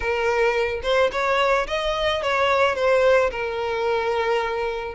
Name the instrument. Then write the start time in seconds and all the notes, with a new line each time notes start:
violin
0.00 A#4
0.82 C5
1.12 C#5
1.67 D#5
2.22 C#5
2.75 C5
3.30 A#4